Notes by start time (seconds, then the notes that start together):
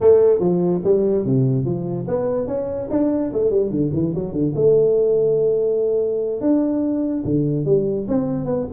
0.00 A3
0.39 F3
0.84 G3
1.25 C3
1.65 F3
2.07 B3
2.47 C#4
2.90 D4
3.33 A3
3.50 G3
3.70 D3
3.93 E3
4.14 F#3
4.32 D3
4.55 A3
6.40 D4
7.24 D3
7.65 G3
8.08 C4
8.45 B3